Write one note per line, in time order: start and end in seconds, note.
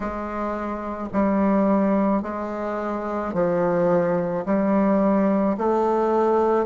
0.00 1.08 G#3
1.12 2.22 G3
2.22 3.33 G#3
3.33 4.44 F3
4.45 5.57 G3
5.57 6.65 A3